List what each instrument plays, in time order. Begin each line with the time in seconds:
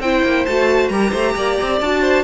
0.00 cello C4, viola E4, violin C5 G5
0.24 cello A#3
0.45 cello A3, viola F#4, violin A5
0.89 cello G3, viola G4, violin A#4 A#5
1.11 cello A3, violin C5
1.36 cello A#3, violin D5
1.62 cello C4
1.81 cello D4, viola F#4, violin A5
2.01 violin C5